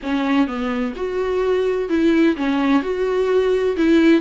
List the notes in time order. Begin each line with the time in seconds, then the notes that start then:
0.02 C#4
0.47 B3
0.96 F#4
1.89 E4
2.36 C#4
2.82 F#4
3.76 E4